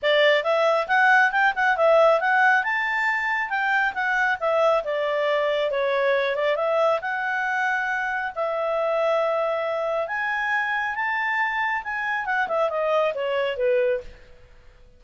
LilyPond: \new Staff \with { instrumentName = "clarinet" } { \time 4/4 \tempo 4 = 137 d''4 e''4 fis''4 g''8 fis''8 | e''4 fis''4 a''2 | g''4 fis''4 e''4 d''4~ | d''4 cis''4. d''8 e''4 |
fis''2. e''4~ | e''2. gis''4~ | gis''4 a''2 gis''4 | fis''8 e''8 dis''4 cis''4 b'4 | }